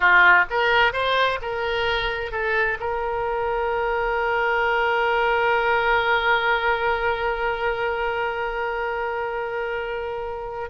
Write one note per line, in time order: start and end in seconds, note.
0.00 0.45 F4
0.49 0.92 A#4
0.92 1.39 C5
1.41 2.31 A#4
2.31 2.78 A4
2.80 10.70 A#4